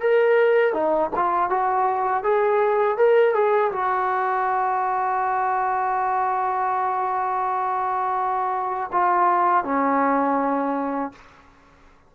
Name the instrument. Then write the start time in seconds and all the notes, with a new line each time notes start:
trombone
0.00 A#4
0.73 D#4
1.15 F4
1.49 F#4
2.23 G#4
2.97 A#4
3.34 G#4
3.72 F#4
8.92 F4
9.64 C#4